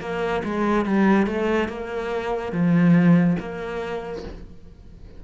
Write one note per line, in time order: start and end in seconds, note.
0.00 0.42 A#3
0.44 0.85 G#3
0.85 1.26 G3
1.26 1.68 A3
1.68 2.52 A#3
2.52 3.36 F3
3.39 4.23 A#3